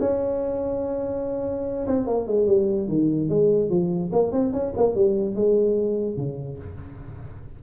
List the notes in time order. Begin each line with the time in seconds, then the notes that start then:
0.00 C#4
1.87 C4
2.07 A#3
2.27 G#3
2.47 G3
2.88 D#3
3.29 G#3
3.69 F3
4.12 A#3
4.32 C4
4.53 C#4
4.77 A#3
4.95 G3
5.35 G#3
6.17 C#3